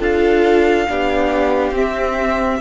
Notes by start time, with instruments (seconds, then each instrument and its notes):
0.00 cello D4, viola F4, violin A4 F5
0.87 cello B3, viola D4, violin G4
1.71 cello C4, viola C4, violin E5